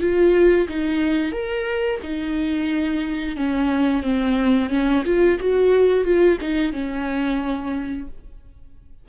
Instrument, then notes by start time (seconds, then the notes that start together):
viola
0.00 F4
0.68 D#4
1.32 A#4
2.02 D#4
3.36 C#4
4.03 C4
4.69 C#4
5.04 F4
5.39 F#4
6.04 F4
6.41 D#4
6.72 C#4